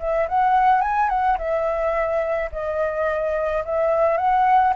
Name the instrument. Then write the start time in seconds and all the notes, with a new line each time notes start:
flute
0.00 E5
0.29 F#5
0.82 G#5
1.10 F#5
1.38 E5
2.52 D#5
3.65 E5
4.18 F#5